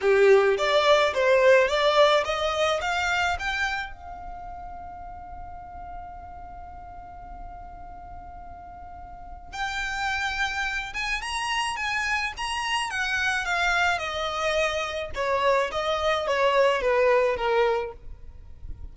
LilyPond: \new Staff \with { instrumentName = "violin" } { \time 4/4 \tempo 4 = 107 g'4 d''4 c''4 d''4 | dis''4 f''4 g''4 f''4~ | f''1~ | f''1~ |
f''4 g''2~ g''8 gis''8 | ais''4 gis''4 ais''4 fis''4 | f''4 dis''2 cis''4 | dis''4 cis''4 b'4 ais'4 | }